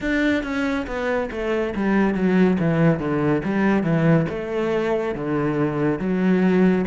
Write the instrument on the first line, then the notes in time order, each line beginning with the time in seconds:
cello
0.00 D4
0.43 C#4
0.86 B3
1.31 A3
1.75 G3
2.14 F#3
2.59 E3
2.99 D3
3.44 G3
3.83 E3
4.29 A3
5.14 D3
5.99 F#3